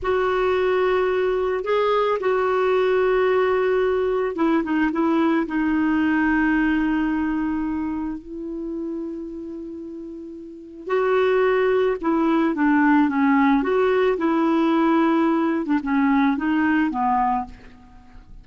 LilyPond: \new Staff \with { instrumentName = "clarinet" } { \time 4/4 \tempo 4 = 110 fis'2. gis'4 | fis'1 | e'8 dis'8 e'4 dis'2~ | dis'2. e'4~ |
e'1 | fis'2 e'4 d'4 | cis'4 fis'4 e'2~ | e'8. d'16 cis'4 dis'4 b4 | }